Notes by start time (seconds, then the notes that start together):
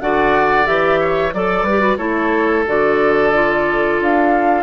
0.00 D3 F#4 D5 F#5
0.64 E3 G4 E5
1.00 C#5
1.33 F#3 A4 D5
1.63 G3 B4
1.69 G4
1.79 F#4
1.97 A3 E4 A4 C#5
2.66 D3 F#4 D5
3.33 F4
4.00 D4 F5